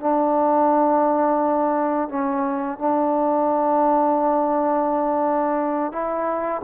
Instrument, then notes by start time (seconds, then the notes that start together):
trombone
0.00 D4
2.09 C#4
2.78 D4
5.92 E4